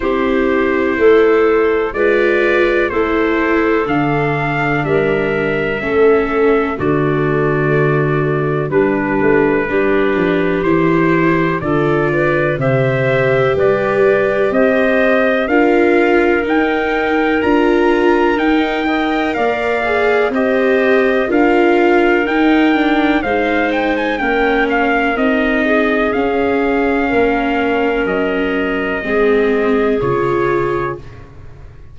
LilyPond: <<
  \new Staff \with { instrumentName = "trumpet" } { \time 4/4 \tempo 4 = 62 c''2 d''4 c''4 | f''4 e''2 d''4~ | d''4 b'2 c''4 | d''4 e''4 d''4 dis''4 |
f''4 g''4 ais''4 g''4 | f''4 dis''4 f''4 g''4 | f''8 g''16 gis''16 g''8 f''8 dis''4 f''4~ | f''4 dis''2 cis''4 | }
  \new Staff \with { instrumentName = "clarinet" } { \time 4/4 g'4 a'4 b'4 a'4~ | a'4 ais'4 a'4 fis'4~ | fis'4 d'4 g'2 | a'8 b'8 c''4 b'4 c''4 |
ais'2.~ ais'8 dis''8 | d''4 c''4 ais'2 | c''4 ais'4. gis'4. | ais'2 gis'2 | }
  \new Staff \with { instrumentName = "viola" } { \time 4/4 e'2 f'4 e'4 | d'2 cis'4 a4~ | a4 g4 d'4 e'4 | f'4 g'2. |
f'4 dis'4 f'4 dis'8 ais'8~ | ais'8 gis'8 g'4 f'4 dis'8 d'8 | dis'4 cis'4 dis'4 cis'4~ | cis'2 c'4 f'4 | }
  \new Staff \with { instrumentName = "tuba" } { \time 4/4 c'4 a4 gis4 a4 | d4 g4 a4 d4~ | d4 g8 a8 g8 f8 e4 | d4 c4 g4 c'4 |
d'4 dis'4 d'4 dis'4 | ais4 c'4 d'4 dis'4 | gis4 ais4 c'4 cis'4 | ais4 fis4 gis4 cis4 | }
>>